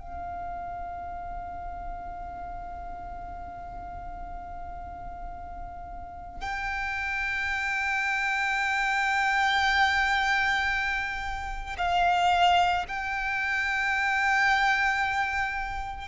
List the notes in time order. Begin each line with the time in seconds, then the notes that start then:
0.00 F5
6.40 G5
11.77 F5
12.88 G5